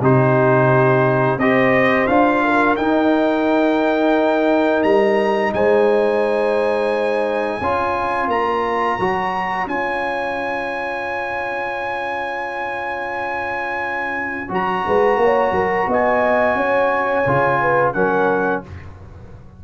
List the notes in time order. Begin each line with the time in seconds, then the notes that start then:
0.00 C3 D#4 G4 C5
1.37 C4 G4 C5 D#5
2.07 D4 F4 F5
2.44 A#4
2.76 D#4 G5
4.83 G3 A#5
5.53 G#3 C5 G#5
7.60 C#4 F4 C#5
8.27 A#3 A#5
8.99 F#3 F#4
9.66 C#4 F4 G#5
14.48 F#3 F#4 A#5
14.86 G#3 B4
15.16 A#3
15.24 C#5
15.52 F#3 A#4
15.87 B3 D#5 G#5
16.55 C#4 C#5
17.26 C#3 F4
17.61 B4
17.93 F#3 C#4 A#4 F#5